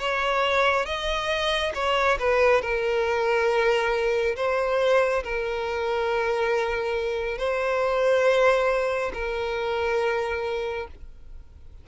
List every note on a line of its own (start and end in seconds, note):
0.00 0.86 C#5
0.86 1.73 D#5
1.75 2.18 C#5
2.20 2.62 B4
2.62 4.36 A#4
4.36 5.23 C5
5.24 7.38 A#4
7.38 9.12 C5
9.14 10.88 A#4